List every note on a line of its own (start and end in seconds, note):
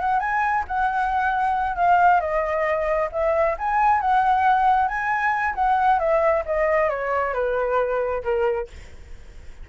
0.00 0.20 F#5
0.20 0.64 G#5
0.67 1.76 F#5
1.76 2.20 F5
2.20 3.09 D#5
3.12 3.57 E5
3.59 4.01 G#5
4.01 4.88 F#5
4.88 5.55 G#5
5.55 5.99 F#5
5.99 6.44 E5
6.45 6.90 D#5
6.90 7.34 C#5
7.34 8.23 B4
8.23 8.68 A#4